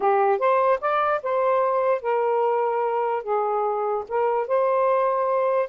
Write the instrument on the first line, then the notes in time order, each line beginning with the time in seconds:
saxophone
0.00 G4
0.39 C5
0.80 D5
1.23 C5
2.01 A#4
3.23 G#4
4.08 A#4
4.47 C5